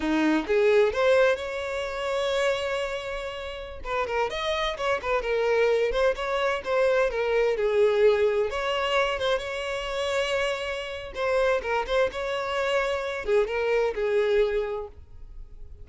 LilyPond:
\new Staff \with { instrumentName = "violin" } { \time 4/4 \tempo 4 = 129 dis'4 gis'4 c''4 cis''4~ | cis''1~ | cis''16 b'8 ais'8 dis''4 cis''8 b'8 ais'8.~ | ais'8. c''8 cis''4 c''4 ais'8.~ |
ais'16 gis'2 cis''4. c''16~ | c''16 cis''2.~ cis''8. | c''4 ais'8 c''8 cis''2~ | cis''8 gis'8 ais'4 gis'2 | }